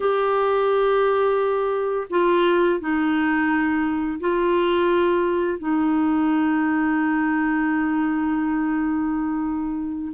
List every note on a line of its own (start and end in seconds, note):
0.00 2.07 G4
2.10 2.79 F4
2.79 4.19 D#4
4.20 5.58 F4
5.58 10.12 D#4